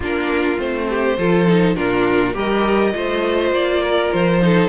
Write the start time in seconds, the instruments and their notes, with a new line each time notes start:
0.00 cello A#3, viola D4, violin F4 A#4
0.57 cello A3, viola C4, violin C5
0.89 violin G4
1.18 cello F3, viola F4, violin A4
1.47 viola D#4
1.75 cello A#2, viola D4, violin F4 A#4
2.33 cello G3, viola G4, violin A#4 D#5
2.92 cello A3, viola F4, violin C5
3.51 cello A#3, violin D5
3.82 violin A#4
4.12 cello F3, violin C5
4.41 viola D#4, violin A4